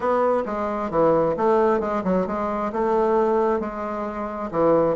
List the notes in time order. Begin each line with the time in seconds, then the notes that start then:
0.00 B3
0.45 G#3
0.90 E3
1.36 A3
1.80 G#3
2.04 F#3
2.26 G#3
2.72 A3
3.60 G#3
4.51 E3